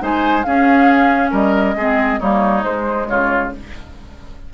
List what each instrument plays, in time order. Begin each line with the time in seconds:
0.00 bassoon G#3, clarinet D#4, oboe C5, flute G#5
0.44 bassoon C#4, clarinet C#4, oboe G#4, flute F5
1.31 bassoon G3, oboe A#4, flute D#5
1.75 bassoon G#3, clarinet C4, oboe G#4
2.20 bassoon G3, clarinet A#3, oboe D#4, flute C#5
2.63 clarinet G#3, bassoon G#3, flute C5
3.08 bassoon C#3, oboe F4, flute C#5